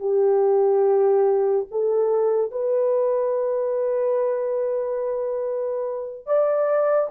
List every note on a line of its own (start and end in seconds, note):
0.00 1.67 G4
1.71 2.52 A4
2.52 6.27 B4
6.27 7.10 D5